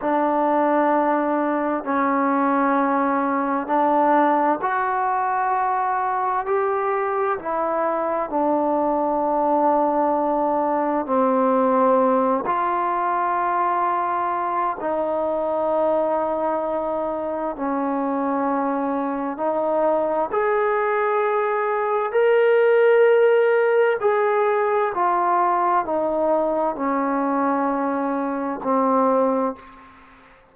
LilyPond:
\new Staff \with { instrumentName = "trombone" } { \time 4/4 \tempo 4 = 65 d'2 cis'2 | d'4 fis'2 g'4 | e'4 d'2. | c'4. f'2~ f'8 |
dis'2. cis'4~ | cis'4 dis'4 gis'2 | ais'2 gis'4 f'4 | dis'4 cis'2 c'4 | }